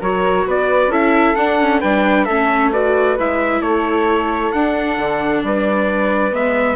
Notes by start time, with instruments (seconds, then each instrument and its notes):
0.00 bassoon F#3, viola F#4, flute A#4, trumpet C#5
0.46 bassoon B3, flute B4, trumpet D5
0.88 bassoon C#4, viola E4, flute A4, trumpet E5
1.36 bassoon D4, viola D4, trumpet F#5
1.59 viola C#4
1.80 bassoon G3, viola D4, flute B4, trumpet G5
2.25 bassoon A3, viola C#4, flute A4, trumpet E5
2.72 viola F#4, flute B4, trumpet D5
3.19 bassoon G#3, viola E4, trumpet E5
3.61 bassoon A3, flute A4, trumpet C#5
4.52 bassoon D4, viola D4, trumpet F#5
4.98 bassoon D3
5.43 bassoon G3, flute B4, trumpet D5
6.32 bassoon G#3, viola B3, trumpet E5